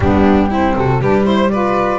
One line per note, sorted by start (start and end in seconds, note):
0.00 0.74 G3
0.00 0.50 B3
0.00 0.50 D4
0.00 0.75 G4
0.50 1.01 C4
0.50 0.75 E4
0.76 1.01 C3
0.76 1.01 F#4
0.76 1.01 A4
1.01 1.99 G3
1.01 1.23 D4
1.01 1.25 G4
1.01 1.24 B4
1.23 1.48 E4
1.23 1.49 C5
1.23 1.51 C5
1.49 1.99 F4
1.49 1.99 B4
1.49 1.99 D5